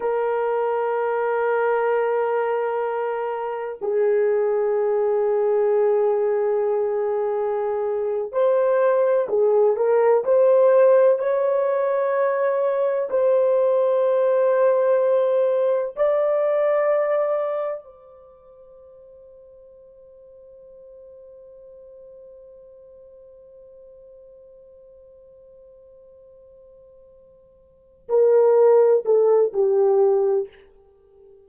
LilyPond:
\new Staff \with { instrumentName = "horn" } { \time 4/4 \tempo 4 = 63 ais'1 | gis'1~ | gis'8. c''4 gis'8 ais'8 c''4 cis''16~ | cis''4.~ cis''16 c''2~ c''16~ |
c''8. d''2 c''4~ c''16~ | c''1~ | c''1~ | c''4. ais'4 a'8 g'4 | }